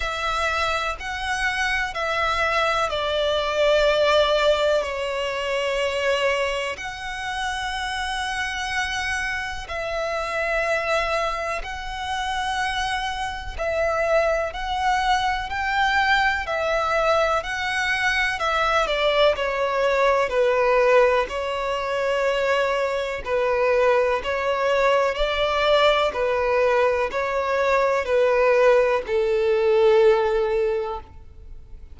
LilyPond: \new Staff \with { instrumentName = "violin" } { \time 4/4 \tempo 4 = 62 e''4 fis''4 e''4 d''4~ | d''4 cis''2 fis''4~ | fis''2 e''2 | fis''2 e''4 fis''4 |
g''4 e''4 fis''4 e''8 d''8 | cis''4 b'4 cis''2 | b'4 cis''4 d''4 b'4 | cis''4 b'4 a'2 | }